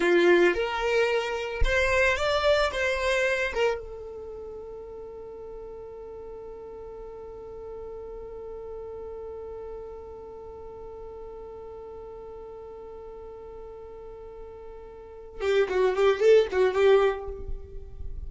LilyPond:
\new Staff \with { instrumentName = "violin" } { \time 4/4 \tempo 4 = 111 f'4 ais'2 c''4 | d''4 c''4. ais'8 a'4~ | a'1~ | a'1~ |
a'1~ | a'1~ | a'1~ | a'8 g'8 fis'8 g'8 a'8 fis'8 g'4 | }